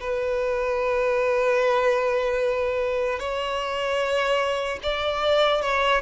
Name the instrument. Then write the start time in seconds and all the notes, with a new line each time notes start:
violin
0.00 B4
3.19 C#5
4.83 D5
5.61 C#5